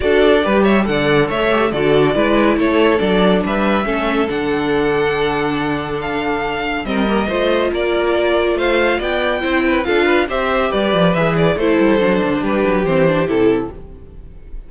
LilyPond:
<<
  \new Staff \with { instrumentName = "violin" } { \time 4/4 \tempo 4 = 140 d''4. e''8 fis''4 e''4 | d''2 cis''4 d''4 | e''2 fis''2~ | fis''2 f''2 |
dis''2 d''2 | f''4 g''2 f''4 | e''4 d''4 e''8 d''8 c''4~ | c''4 b'4 c''4 a'4 | }
  \new Staff \with { instrumentName = "violin" } { \time 4/4 a'4 b'8 cis''8 d''4 cis''4 | a'4 b'4 a'2 | b'4 a'2.~ | a'1 |
ais'4 c''4 ais'2 | c''4 d''4 c''8 b'8 a'8 b'8 | c''4 b'2 a'4~ | a'4 g'2. | }
  \new Staff \with { instrumentName = "viola" } { \time 4/4 fis'4 g'4 a'4. g'8 | fis'4 e'2 d'4~ | d'4 cis'4 d'2~ | d'1 |
c'8 ais8 f'2.~ | f'2 e'4 f'4 | g'2 gis'4 e'4 | d'2 c'8 d'8 e'4 | }
  \new Staff \with { instrumentName = "cello" } { \time 4/4 d'4 g4 d4 a4 | d4 gis4 a4 fis4 | g4 a4 d2~ | d1 |
g4 a4 ais2 | a4 b4 c'4 d'4 | c'4 g8 f8 e4 a8 g8 | fis8 d8 g8 fis8 e4 c4 | }
>>